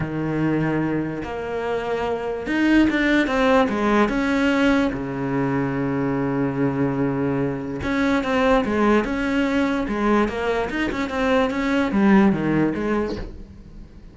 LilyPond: \new Staff \with { instrumentName = "cello" } { \time 4/4 \tempo 4 = 146 dis2. ais4~ | ais2 dis'4 d'4 | c'4 gis4 cis'2 | cis1~ |
cis2. cis'4 | c'4 gis4 cis'2 | gis4 ais4 dis'8 cis'8 c'4 | cis'4 g4 dis4 gis4 | }